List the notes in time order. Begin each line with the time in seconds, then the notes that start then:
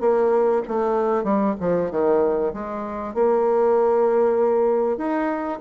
0.00 A#3
0.67 A3
1.23 G3
1.60 F3
1.91 D#3
2.53 G#3
3.14 A#3
4.97 D#4